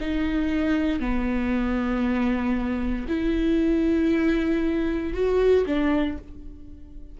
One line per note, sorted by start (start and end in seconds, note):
0.00 0.99 D#4
0.99 3.06 B3
3.08 5.13 E4
5.13 5.65 F#4
5.66 6.17 D4